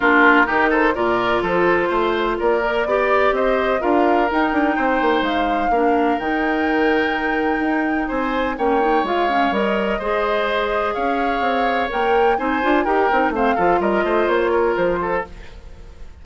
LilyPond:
<<
  \new Staff \with { instrumentName = "flute" } { \time 4/4 \tempo 4 = 126 ais'4. c''8 d''4 c''4~ | c''4 d''2 dis''4 | f''4 g''2 f''4~ | f''4 g''2.~ |
g''4 gis''4 g''4 f''4 | dis''2. f''4~ | f''4 g''4 gis''4 g''4 | f''4 dis''4 cis''4 c''4 | }
  \new Staff \with { instrumentName = "oboe" } { \time 4/4 f'4 g'8 a'8 ais'4 a'4 | c''4 ais'4 d''4 c''4 | ais'2 c''2 | ais'1~ |
ais'4 c''4 cis''2~ | cis''4 c''2 cis''4~ | cis''2 c''4 ais'4 | c''8 a'8 ais'8 c''4 ais'4 a'8 | }
  \new Staff \with { instrumentName = "clarinet" } { \time 4/4 d'4 dis'4 f'2~ | f'4. ais'8 g'2 | f'4 dis'2. | d'4 dis'2.~ |
dis'2 cis'8 dis'8 f'8 cis'8 | ais'4 gis'2.~ | gis'4 ais'4 dis'8 f'8 g'8 dis'8 | c'8 f'2.~ f'8 | }
  \new Staff \with { instrumentName = "bassoon" } { \time 4/4 ais4 dis4 ais,4 f4 | a4 ais4 b4 c'4 | d'4 dis'8 d'8 c'8 ais8 gis4 | ais4 dis2. |
dis'4 c'4 ais4 gis4 | g4 gis2 cis'4 | c'4 ais4 c'8 d'8 dis'8 c'8 | a8 f8 g8 a8 ais4 f4 | }
>>